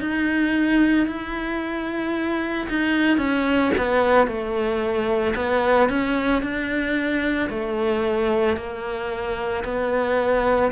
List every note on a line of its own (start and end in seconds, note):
0.00 1.07 D#4
1.07 2.68 E4
2.69 3.18 D#4
3.18 3.72 C#4
3.78 4.28 B3
4.28 5.35 A3
5.36 5.89 B3
5.89 6.42 C#4
6.42 7.50 D4
7.50 8.57 A3
8.57 9.64 A#3
9.64 10.71 B3